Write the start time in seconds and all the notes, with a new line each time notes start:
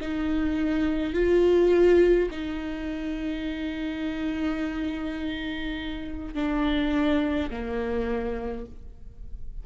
0.00 D#4
1.13 F4
2.30 D#4
6.34 D4
7.50 A#3